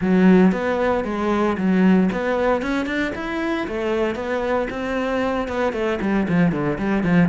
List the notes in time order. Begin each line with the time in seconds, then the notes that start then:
0.01 F#3
0.52 B3
1.04 G#3
1.57 F#3
2.12 B3
2.61 C#4
2.86 D4
3.15 E4
3.67 A3
4.15 B3
4.70 C4
5.48 B3
5.72 A3
6.01 G3
6.28 F3
6.51 D3
6.78 G3
7.03 F3